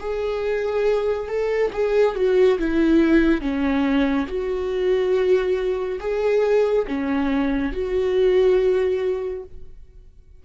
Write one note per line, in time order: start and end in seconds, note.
0.00 1.28 G#4
1.28 1.71 A4
1.73 2.16 G#4
2.16 2.59 F#4
2.59 3.42 E4
3.42 4.27 C#4
4.28 6.00 F#4
6.00 6.86 G#4
6.88 7.73 C#4
7.73 9.44 F#4